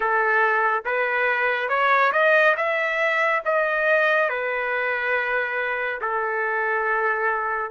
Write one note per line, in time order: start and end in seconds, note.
0.00 0.83 A4
0.85 1.69 B4
1.69 2.12 C#5
2.12 2.55 D#5
2.56 3.42 E5
3.45 4.29 D#5
4.29 6.00 B4
6.01 7.70 A4